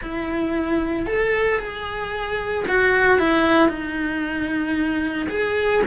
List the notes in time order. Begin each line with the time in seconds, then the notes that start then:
0.01 E4
1.06 A4
1.58 G#4
2.68 F#4
3.19 E4
3.68 D#4
5.29 G#4